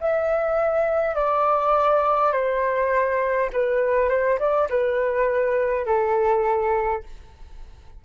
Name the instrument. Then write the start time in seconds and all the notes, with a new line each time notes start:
flute
0.00 E5
1.15 D5
2.32 C5
3.52 B4
4.09 C5
4.39 D5
4.70 B4
5.85 A4